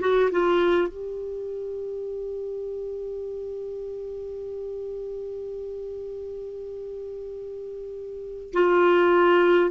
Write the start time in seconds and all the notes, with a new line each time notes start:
0.00 F#4
0.30 F4
0.88 G4
8.52 F4